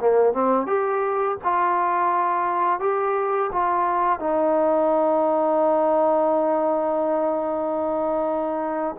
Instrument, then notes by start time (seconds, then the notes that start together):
trombone
0.00 A#3
0.33 C4
0.66 G4
1.44 F4
2.79 G4
3.52 F4
4.19 D#4